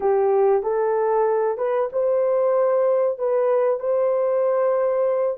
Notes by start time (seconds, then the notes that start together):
0.00 G4
0.63 A4
1.57 B4
1.92 C5
3.18 B4
3.79 C5